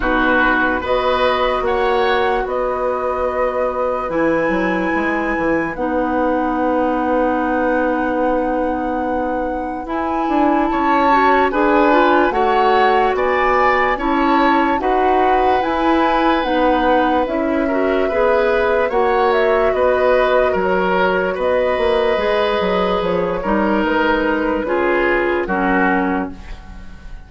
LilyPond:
<<
  \new Staff \with { instrumentName = "flute" } { \time 4/4 \tempo 4 = 73 b'4 dis''4 fis''4 dis''4~ | dis''4 gis''2 fis''4~ | fis''1 | gis''4 a''4 gis''4 fis''4 |
gis''4 a''4 fis''4 gis''4 | fis''4 e''2 fis''8 e''8 | dis''4 cis''4 dis''2 | cis''4 b'2 ais'4 | }
  \new Staff \with { instrumentName = "oboe" } { \time 4/4 fis'4 b'4 cis''4 b'4~ | b'1~ | b'1~ | b'4 cis''4 b'4 cis''4 |
d''4 cis''4 b'2~ | b'4. ais'8 b'4 cis''4 | b'4 ais'4 b'2~ | b'8 ais'4. gis'4 fis'4 | }
  \new Staff \with { instrumentName = "clarinet" } { \time 4/4 dis'4 fis'2.~ | fis'4 e'2 dis'4~ | dis'1 | e'4. fis'8 gis'8 f'8 fis'4~ |
fis'4 e'4 fis'4 e'4 | dis'4 e'8 fis'8 gis'4 fis'4~ | fis'2. gis'4~ | gis'8 dis'4. f'4 cis'4 | }
  \new Staff \with { instrumentName = "bassoon" } { \time 4/4 b,4 b4 ais4 b4~ | b4 e8 fis8 gis8 e8 b4~ | b1 | e'8 d'8 cis'4 d'4 a4 |
b4 cis'4 dis'4 e'4 | b4 cis'4 b4 ais4 | b4 fis4 b8 ais8 gis8 fis8 | f8 g8 gis4 cis4 fis4 | }
>>